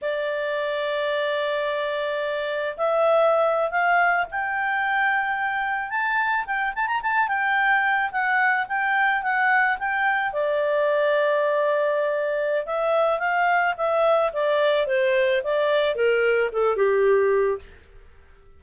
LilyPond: \new Staff \with { instrumentName = "clarinet" } { \time 4/4 \tempo 4 = 109 d''1~ | d''4 e''4.~ e''16 f''4 g''16~ | g''2~ g''8. a''4 g''16~ | g''16 a''16 ais''16 a''8 g''4. fis''4 g''16~ |
g''8. fis''4 g''4 d''4~ d''16~ | d''2. e''4 | f''4 e''4 d''4 c''4 | d''4 ais'4 a'8 g'4. | }